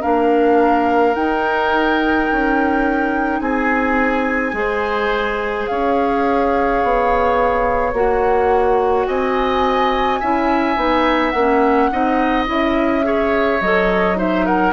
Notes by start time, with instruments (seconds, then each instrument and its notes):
0.00 bassoon A#3, clarinet D4, oboe A#4, flute F5
1.14 clarinet D#4, bassoon D#4, flute G5
2.31 bassoon C#4
3.39 bassoon C4, oboe G#4, flute G#5
4.52 bassoon G#3, clarinet G#4, oboe C5
5.66 bassoon C#4, oboe C#5, flute F5
6.83 bassoon B3
7.93 bassoon A#3, clarinet F#4, flute F#5
9.06 bassoon C4, oboe D#5, flute G#5
10.20 bassoon C#4, clarinet E4, oboe E5
10.76 bassoon B3, clarinet D#4
11.30 bassoon A#3, flute F#5
11.37 clarinet C#4
11.92 bassoon C4, clarinet D#4, oboe D#5
12.46 bassoon C#4, clarinet E4, flute E5
13.03 clarinet G#4, oboe C#5
13.60 bassoon F#3, clarinet A4, flute D#5
14.15 clarinet D#4, oboe C5, flute E5
14.45 oboe A#4, flute F#5